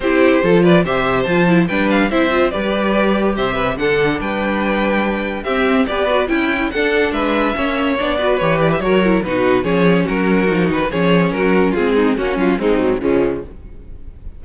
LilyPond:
<<
  \new Staff \with { instrumentName = "violin" } { \time 4/4 \tempo 4 = 143 c''4. d''8 e''4 a''4 | g''8 f''8 e''4 d''2 | e''4 fis''4 g''2~ | g''4 e''4 d''4 g''4 |
fis''4 e''2 d''4 | cis''8 d''16 e''16 cis''4 b'4 cis''4 | ais'4. b'8 cis''4 ais'4 | gis'4 fis'8 f'8 dis'4 cis'4 | }
  \new Staff \with { instrumentName = "violin" } { \time 4/4 g'4 a'8 b'8 c''2 | b'4 c''4 b'2 | c''8 b'8 a'4 b'2~ | b'4 g'4 b'4 e'4 |
a'4 b'4 cis''4. b'8~ | b'4 ais'4 fis'4 gis'4 | fis'2 gis'4 fis'4 | f'8 dis'8 cis'4 c'4 gis4 | }
  \new Staff \with { instrumentName = "viola" } { \time 4/4 e'4 f'4 g'4 f'8 e'8 | d'4 e'8 f'8 g'2~ | g'4 d'2.~ | d'4 c'4 g'8 fis'8 e'4 |
d'2 cis'4 d'8 fis'8 | g'4 fis'8 e'8 dis'4 cis'4~ | cis'4 dis'4 cis'2 | c'4 cis'4 gis8 fis8 f4 | }
  \new Staff \with { instrumentName = "cello" } { \time 4/4 c'4 f4 c4 f4 | g4 c'4 g2 | c4 d4 g2~ | g4 c'4 b4 cis'4 |
d'4 gis4 ais4 b4 | e4 fis4 b,4 f4 | fis4 f8 dis8 f4 fis4 | gis4 ais8 fis8 gis8 gis,8 cis4 | }
>>